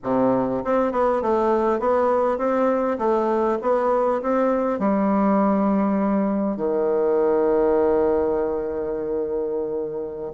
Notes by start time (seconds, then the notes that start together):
0.03 C3
0.64 C4
0.92 B3
1.22 A3
1.79 B3
2.38 C4
2.98 A3
3.61 B3
4.21 C4
4.79 G3
6.56 D#3